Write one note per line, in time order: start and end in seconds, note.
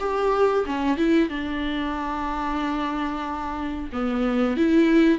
0.00 0.65 G4
0.66 0.98 C#4
0.98 1.30 E4
1.30 3.91 D4
3.93 4.57 B3
4.57 5.19 E4